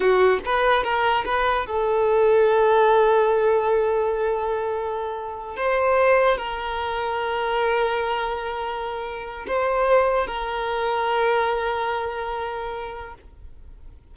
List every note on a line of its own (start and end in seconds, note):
0.00 0.39 F#4
0.45 0.83 B4
0.83 1.24 A#4
1.25 1.66 B4
1.66 5.56 A4
5.56 6.37 C5
6.37 9.45 A#4
9.47 10.26 C5
10.26 13.14 A#4